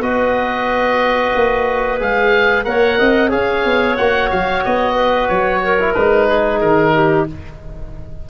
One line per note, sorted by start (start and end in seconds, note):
0.00 1.32 B3
0.00 1.99 F#4
0.00 2.66 B4
0.00 2.00 D#5
1.35 2.00 A#3
1.99 2.66 G#3
1.99 2.64 G#4
1.99 2.64 F5
2.64 2.98 A#3
2.64 3.29 A#4
2.64 2.98 C#5
2.64 3.30 F#5
2.98 3.33 C4
2.98 3.29 D#5
3.29 3.65 C#4
3.29 3.95 G#4
3.29 4.94 C#5
3.29 3.97 F5
3.65 3.98 B3
3.97 4.31 A#3
3.97 5.79 F#4
3.97 4.30 F#5
4.31 4.64 F#3
4.31 4.64 F5
4.64 5.29 B3
4.64 5.28 D#5
4.94 5.60 B4
5.28 5.95 F#3
5.28 5.94 C#5
5.63 6.27 A#4
5.79 5.95 E4
5.94 6.62 G#3
5.94 7.29 D#4
5.94 6.60 B4
6.27 6.93 G#4
6.60 7.28 D#3
6.60 7.26 A#4
6.94 7.27 G4